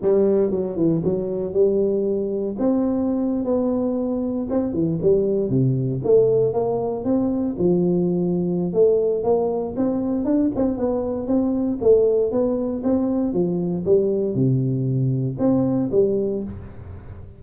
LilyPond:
\new Staff \with { instrumentName = "tuba" } { \time 4/4 \tempo 4 = 117 g4 fis8 e8 fis4 g4~ | g4 c'4.~ c'16 b4~ b16~ | b8. c'8 e8 g4 c4 a16~ | a8. ais4 c'4 f4~ f16~ |
f4 a4 ais4 c'4 | d'8 c'8 b4 c'4 a4 | b4 c'4 f4 g4 | c2 c'4 g4 | }